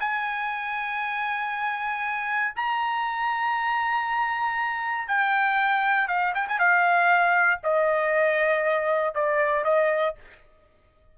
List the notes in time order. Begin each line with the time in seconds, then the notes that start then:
0.00 G#5
2.56 A#5
5.08 G5
6.08 F5
6.35 G5
6.48 G#5
6.59 F5
7.64 D#5
9.15 D5
9.64 D#5